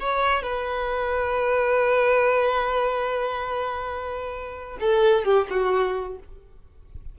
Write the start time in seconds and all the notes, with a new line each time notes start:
0.00 C#5
0.44 B4
4.80 A4
5.25 G4
5.50 F#4